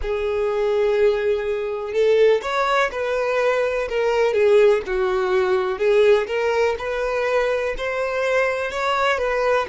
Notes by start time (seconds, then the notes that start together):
0.02 G#4
1.93 A4
2.42 C#5
2.91 B4
3.89 A#4
4.33 G#4
4.86 F#4
5.78 G#4
6.27 A#4
6.78 B4
7.77 C5
8.71 C#5
9.18 B4